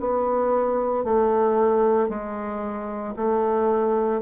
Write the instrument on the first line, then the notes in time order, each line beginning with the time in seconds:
bassoon
0.00 B3
1.04 A3
2.09 G#3
3.16 A3